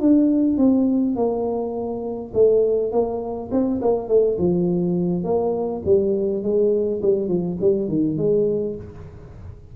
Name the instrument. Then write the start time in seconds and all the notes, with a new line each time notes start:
tuba
0.00 D4
0.57 C4
1.15 A#3
2.34 A3
2.91 A#3
3.51 C4
3.82 A#3
4.08 A3
4.38 F3
5.23 A#3
5.85 G3
6.43 G#3
7.02 G3
7.28 F3
7.60 G3
7.88 D#3
8.17 G#3